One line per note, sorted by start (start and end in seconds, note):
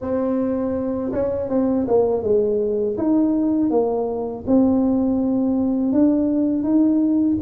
0.01 1.12 C4
1.12 1.49 C#4
1.49 1.86 C4
1.88 2.22 A#3
2.22 2.96 G#3
2.97 3.70 D#4
3.70 4.44 A#3
4.46 5.92 C4
5.92 6.63 D4
6.63 7.37 D#4